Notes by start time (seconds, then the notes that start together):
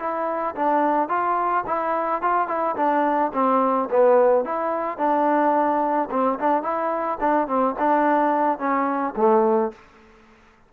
0.00 E4
0.56 D4
1.09 F4
1.67 E4
2.22 F4
2.48 E4
2.77 D4
3.34 C4
3.91 B3
4.45 E4
4.98 D4
6.11 C4
6.40 D4
6.63 E4
7.21 D4
7.48 C4
7.80 D4
8.59 C#4
9.17 A3